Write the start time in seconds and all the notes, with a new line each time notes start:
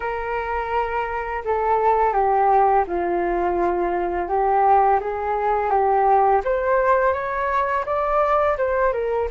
0.00 A#4
1.44 A4
2.13 G4
2.87 F4
4.28 G4
5.00 G#4
5.69 G4
6.44 C5
7.13 C#5
7.85 D5
8.57 C5
8.93 A#4